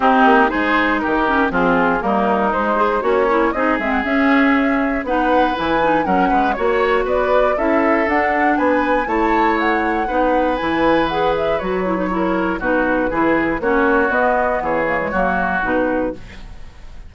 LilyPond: <<
  \new Staff \with { instrumentName = "flute" } { \time 4/4 \tempo 4 = 119 g'4 c''4 ais'4 gis'4 | ais'4 c''4 cis''4 dis''8 e''16 fis''16 | e''2 fis''4 gis''4 | fis''4 cis''4 d''4 e''4 |
fis''4 gis''4 a''4 fis''4~ | fis''4 gis''4 fis''8 e''8 cis''4~ | cis''4 b'2 cis''4 | dis''4 cis''2 b'4 | }
  \new Staff \with { instrumentName = "oboe" } { \time 4/4 dis'4 gis'4 g'4 f'4 | dis'2 cis'4 gis'4~ | gis'2 b'2 | ais'8 b'8 cis''4 b'4 a'4~ |
a'4 b'4 cis''2 | b'1 | ais'4 fis'4 gis'4 fis'4~ | fis'4 gis'4 fis'2 | }
  \new Staff \with { instrumentName = "clarinet" } { \time 4/4 c'4 dis'4. cis'8 c'4 | ais4 gis8 gis'8 fis'8 e'8 dis'8 c'8 | cis'2 dis'4 e'8 dis'8 | cis'4 fis'2 e'4 |
d'2 e'2 | dis'4 e'4 gis'4 fis'8 e'16 dis'16 | e'4 dis'4 e'4 cis'4 | b4. ais16 gis16 ais4 dis'4 | }
  \new Staff \with { instrumentName = "bassoon" } { \time 4/4 c'8 ais8 gis4 dis4 f4 | g4 gis4 ais4 c'8 gis8 | cis'2 b4 e4 | fis8 gis8 ais4 b4 cis'4 |
d'4 b4 a2 | b4 e2 fis4~ | fis4 b,4 e4 ais4 | b4 e4 fis4 b,4 | }
>>